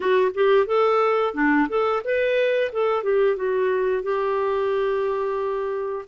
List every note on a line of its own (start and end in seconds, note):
0.00 0.32 F#4
0.34 0.66 G4
0.66 1.33 A4
1.34 1.67 D4
1.68 2.02 A4
2.04 2.72 B4
2.72 3.03 A4
3.03 3.36 G4
3.36 4.02 F#4
4.02 6.05 G4